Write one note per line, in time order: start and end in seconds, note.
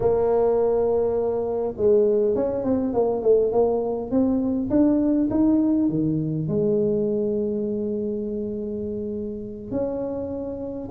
0.00 1.74 A#3
1.76 2.35 G#3
2.35 2.64 C#4
2.64 2.93 C4
2.93 3.22 A#3
3.22 3.51 A3
3.52 4.10 A#3
4.10 4.69 C4
4.70 5.29 D4
5.30 5.89 D#4
5.89 6.48 D#3
6.48 9.71 G#3
9.71 10.89 C#4